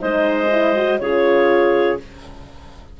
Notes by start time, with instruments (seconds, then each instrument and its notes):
0.00 bassoon G#3, horn D#4, clarinet C5 D#5
0.51 horn E4
0.75 horn F#4
0.99 bassoon C#3, horn F4, clarinet G#4 C#5